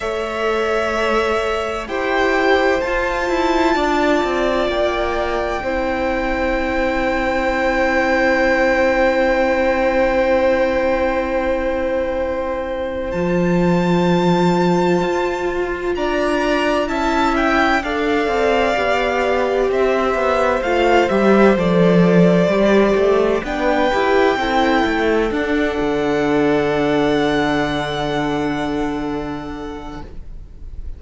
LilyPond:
<<
  \new Staff \with { instrumentName = "violin" } { \time 4/4 \tempo 4 = 64 e''2 g''4 a''4~ | a''4 g''2.~ | g''1~ | g''2 a''2~ |
a''4 ais''4 a''8 g''8 f''4~ | f''4 e''4 f''8 e''8 d''4~ | d''4 g''2 fis''4~ | fis''1 | }
  \new Staff \with { instrumentName = "violin" } { \time 4/4 cis''2 c''2 | d''2 c''2~ | c''1~ | c''1~ |
c''4 d''4 e''4 d''4~ | d''4 c''2.~ | c''4 b'4 a'2~ | a'1 | }
  \new Staff \with { instrumentName = "viola" } { \time 4/4 a'2 g'4 f'4~ | f'2 e'2~ | e'1~ | e'2 f'2~ |
f'2 e'4 a'4 | g'2 f'8 g'8 a'4 | g'4 d'8 g'8 e'4 d'4~ | d'1 | }
  \new Staff \with { instrumentName = "cello" } { \time 4/4 a2 e'4 f'8 e'8 | d'8 c'8 ais4 c'2~ | c'1~ | c'2 f2 |
f'4 d'4 cis'4 d'8 c'8 | b4 c'8 b8 a8 g8 f4 | g8 a8 b8 e'8 c'8 a8 d'8 d8~ | d1 | }
>>